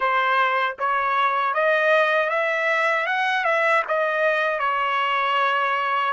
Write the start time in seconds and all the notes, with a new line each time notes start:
0.00 C5
0.78 C#5
1.54 D#5
2.29 E5
3.06 F#5
3.44 E5
3.87 D#5
4.59 C#5